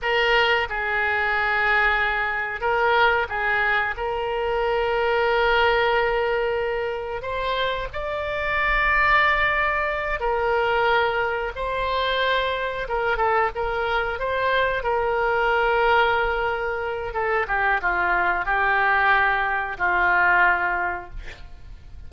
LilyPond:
\new Staff \with { instrumentName = "oboe" } { \time 4/4 \tempo 4 = 91 ais'4 gis'2. | ais'4 gis'4 ais'2~ | ais'2. c''4 | d''2.~ d''8 ais'8~ |
ais'4. c''2 ais'8 | a'8 ais'4 c''4 ais'4.~ | ais'2 a'8 g'8 f'4 | g'2 f'2 | }